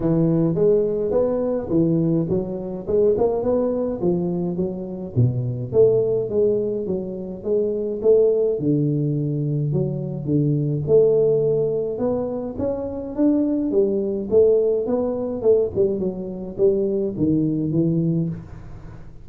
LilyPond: \new Staff \with { instrumentName = "tuba" } { \time 4/4 \tempo 4 = 105 e4 gis4 b4 e4 | fis4 gis8 ais8 b4 f4 | fis4 b,4 a4 gis4 | fis4 gis4 a4 d4~ |
d4 fis4 d4 a4~ | a4 b4 cis'4 d'4 | g4 a4 b4 a8 g8 | fis4 g4 dis4 e4 | }